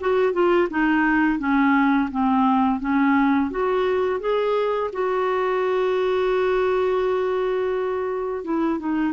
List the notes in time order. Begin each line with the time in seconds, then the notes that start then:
0.00 F#4
0.33 F4
0.70 D#4
1.39 C#4
2.11 C4
2.80 C#4
3.51 F#4
4.20 G#4
4.93 F#4
8.44 E4
8.79 D#4